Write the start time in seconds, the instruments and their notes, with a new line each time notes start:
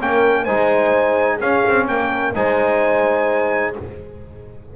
0.00 double bass A#3, trombone C#4, horn A#4, trumpet G5
0.43 double bass G#3, trombone D#4, horn C5, trumpet G#5
1.38 double bass C#4, trombone C#4, horn G#4, trumpet F5
1.68 double bass C4
1.88 double bass A#3, horn A#4, trumpet G5
2.34 double bass G#3, trombone D#4, horn C5, trumpet G#5